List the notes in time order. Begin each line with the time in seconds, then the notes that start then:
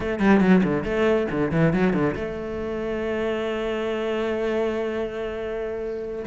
0.00 A3
0.19 G3
0.40 F#3
0.63 D3
0.84 A3
1.30 D3
1.51 E3
1.73 F#3
1.93 D3
2.15 A3